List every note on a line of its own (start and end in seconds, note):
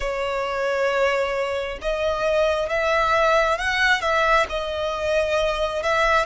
0.00 1.78 C#5
1.82 2.69 D#5
2.69 3.57 E5
3.57 4.01 F#5
4.01 4.45 E5
4.49 5.82 D#5
5.82 6.25 E5